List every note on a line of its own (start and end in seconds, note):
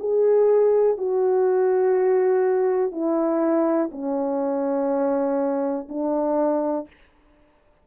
0.00 0.98 G#4
0.98 2.92 F#4
2.92 3.90 E4
3.92 5.88 C#4
5.89 6.88 D4